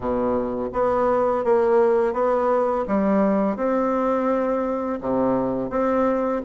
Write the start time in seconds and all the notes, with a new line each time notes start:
0.00 B2
0.72 B3
1.44 A#3
2.13 B3
2.87 G3
3.56 C4
5.01 C3
5.70 C4